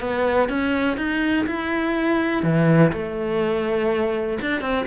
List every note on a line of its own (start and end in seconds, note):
0.00 0.48 B3
0.48 0.97 C#4
0.97 1.45 D#4
1.46 2.43 E4
2.43 2.91 E3
2.92 4.38 A3
4.41 4.61 D4
4.61 4.85 C4